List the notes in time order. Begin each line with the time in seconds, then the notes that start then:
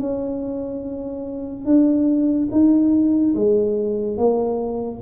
0.00 C#4
1.66 D4
2.52 D#4
3.35 G#3
4.17 A#3